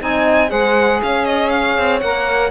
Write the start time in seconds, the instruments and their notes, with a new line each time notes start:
0.00 cello C4, saxophone D#4, horn D#5, violin G#5
0.48 cello G#3, saxophone G#4, horn C5, violin F#5
1.02 cello C#4, horn C#5, violin F5
1.25 violin D#5
1.49 violin F5
1.78 cello C4
2.00 cello A#3, saxophone A#4, violin F#5